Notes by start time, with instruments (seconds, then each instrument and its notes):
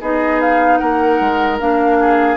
0.00 bassoon B3, clarinet D#4, oboe G#4, flute D#5
0.41 flute F5
0.77 bassoon A#3, oboe A#4, flute F#5
1.20 bassoon G#3
1.59 bassoon A#3, clarinet D4, flute F5
2.00 oboe G#4